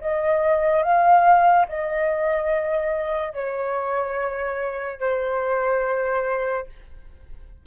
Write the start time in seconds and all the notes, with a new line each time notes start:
0.00 D#5
0.82 F5
1.68 D#5
3.33 C#5
5.00 C5